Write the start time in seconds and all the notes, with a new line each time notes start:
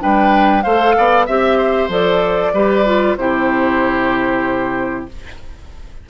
0.00 G3 D4 B4 G5
0.63 A3 A4 C5 F5
0.98 B3 D5
1.27 C4 G4 E5
1.58 C5
1.89 F3 A4 D5
2.53 G3 G4 B4
2.86 F4
3.17 C3 E4 G4 C5